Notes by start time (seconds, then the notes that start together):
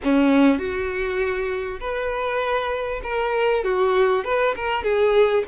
0.03 C#4
0.58 F#4
1.80 B4
3.03 A#4
3.64 F#4
4.24 B4
4.55 A#4
4.83 G#4